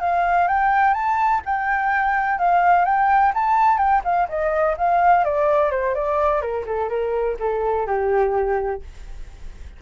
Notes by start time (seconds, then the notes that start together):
0.00 F5
0.48 G5
0.94 A5
1.45 G5
2.39 F5
2.85 G5
3.34 A5
3.77 G5
4.04 F5
4.28 D#5
4.77 F5
5.24 D5
5.71 C5
5.94 D5
6.41 A#4
6.66 A4
6.89 A#4
7.39 A4
7.86 G4